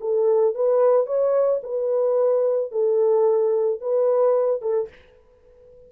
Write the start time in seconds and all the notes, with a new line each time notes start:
0.00 A4
0.54 B4
1.06 C#5
1.63 B4
2.71 A4
3.80 B4
4.61 A4